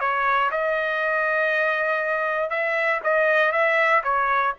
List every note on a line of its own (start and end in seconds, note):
0.00 0.50 C#5
0.51 2.50 D#5
2.50 3.00 E5
3.03 3.52 D#5
3.52 4.02 E5
4.03 4.54 C#5